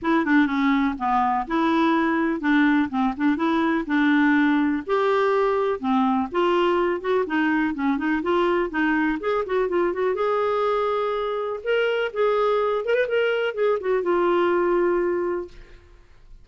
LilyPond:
\new Staff \with { instrumentName = "clarinet" } { \time 4/4 \tempo 4 = 124 e'8 d'8 cis'4 b4 e'4~ | e'4 d'4 c'8 d'8 e'4 | d'2 g'2 | c'4 f'4. fis'8 dis'4 |
cis'8 dis'8 f'4 dis'4 gis'8 fis'8 | f'8 fis'8 gis'2. | ais'4 gis'4. ais'16 b'16 ais'4 | gis'8 fis'8 f'2. | }